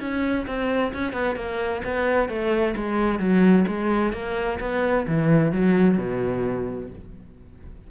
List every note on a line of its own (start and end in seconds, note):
0.00 0.46 C#4
0.47 0.93 C4
0.93 1.13 C#4
1.13 1.36 B3
1.36 1.82 A#3
1.84 2.29 B3
2.29 2.75 A3
2.76 3.19 G#3
3.19 3.65 F#3
3.68 4.13 G#3
4.13 4.59 A#3
4.60 5.06 B3
5.07 5.52 E3
5.52 5.98 F#3
5.98 6.90 B2